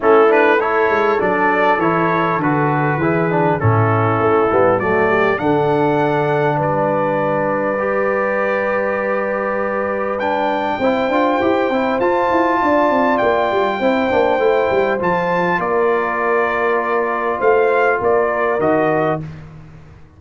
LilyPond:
<<
  \new Staff \with { instrumentName = "trumpet" } { \time 4/4 \tempo 4 = 100 a'8 b'8 cis''4 d''4 cis''4 | b'2 a'2 | d''4 fis''2 d''4~ | d''1~ |
d''4 g''2. | a''2 g''2~ | g''4 a''4 d''2~ | d''4 f''4 d''4 dis''4 | }
  \new Staff \with { instrumentName = "horn" } { \time 4/4 e'4 a'2.~ | a'4 gis'4 e'2 | fis'8 g'8 a'2 b'4~ | b'1~ |
b'2 c''2~ | c''4 d''2 c''4~ | c''2 ais'2~ | ais'4 c''4 ais'2 | }
  \new Staff \with { instrumentName = "trombone" } { \time 4/4 cis'8 d'8 e'4 d'4 e'4 | fis'4 e'8 d'8 cis'4. b8 | a4 d'2.~ | d'4 g'2.~ |
g'4 d'4 e'8 f'8 g'8 e'8 | f'2. e'8 d'8 | e'4 f'2.~ | f'2. fis'4 | }
  \new Staff \with { instrumentName = "tuba" } { \time 4/4 a4. gis8 fis4 e4 | d4 e4 a,4 a8 g8 | fis4 d2 g4~ | g1~ |
g2 c'8 d'8 e'8 c'8 | f'8 e'8 d'8 c'8 ais8 g8 c'8 ais8 | a8 g8 f4 ais2~ | ais4 a4 ais4 dis4 | }
>>